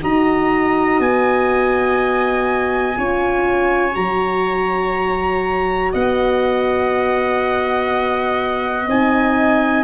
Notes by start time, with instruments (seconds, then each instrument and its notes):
0.00 tuba D#4, horn F#4, viola D#5, trumpet A#5
0.99 tuba B3, trumpet G#5
2.96 tuba C#4, horn F4, viola C#5
3.92 tuba F#3, horn F#4, trumpet A#5
5.92 tuba B3, viola D#5, trumpet F#5
8.87 tuba C4, horn D#4, trumpet G#5